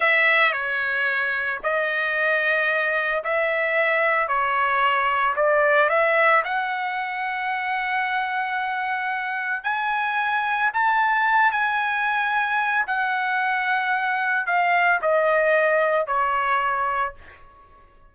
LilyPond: \new Staff \with { instrumentName = "trumpet" } { \time 4/4 \tempo 4 = 112 e''4 cis''2 dis''4~ | dis''2 e''2 | cis''2 d''4 e''4 | fis''1~ |
fis''2 gis''2 | a''4. gis''2~ gis''8 | fis''2. f''4 | dis''2 cis''2 | }